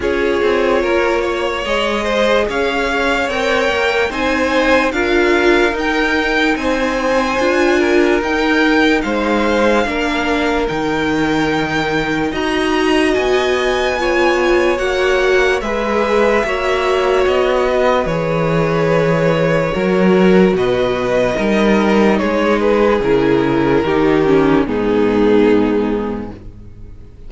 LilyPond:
<<
  \new Staff \with { instrumentName = "violin" } { \time 4/4 \tempo 4 = 73 cis''2 dis''4 f''4 | g''4 gis''4 f''4 g''4 | gis''2 g''4 f''4~ | f''4 g''2 ais''4 |
gis''2 fis''4 e''4~ | e''4 dis''4 cis''2~ | cis''4 dis''2 cis''8 b'8 | ais'2 gis'2 | }
  \new Staff \with { instrumentName = "violin" } { \time 4/4 gis'4 ais'8 cis''4 c''8 cis''4~ | cis''4 c''4 ais'2 | c''4. ais'4. c''4 | ais'2. dis''4~ |
dis''4 cis''2 b'4 | cis''4. b'2~ b'8 | ais'4 b'4 ais'4 gis'4~ | gis'4 g'4 dis'2 | }
  \new Staff \with { instrumentName = "viola" } { \time 4/4 f'2 gis'2 | ais'4 dis'4 f'4 dis'4~ | dis'4 f'4 dis'2 | d'4 dis'2 fis'4~ |
fis'4 f'4 fis'4 gis'4 | fis'2 gis'2 | fis'2 dis'2 | e'4 dis'8 cis'8 b2 | }
  \new Staff \with { instrumentName = "cello" } { \time 4/4 cis'8 c'8 ais4 gis4 cis'4 | c'8 ais8 c'4 d'4 dis'4 | c'4 d'4 dis'4 gis4 | ais4 dis2 dis'4 |
b2 ais4 gis4 | ais4 b4 e2 | fis4 b,4 g4 gis4 | cis4 dis4 gis,2 | }
>>